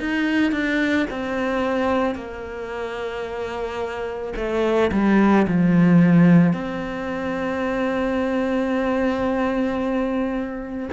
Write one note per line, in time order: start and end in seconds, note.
0.00 0.52 D#4
0.52 1.07 D4
1.11 2.16 C4
2.16 4.34 A#3
4.37 4.91 A3
4.92 5.47 G3
5.48 6.53 F3
6.53 10.89 C4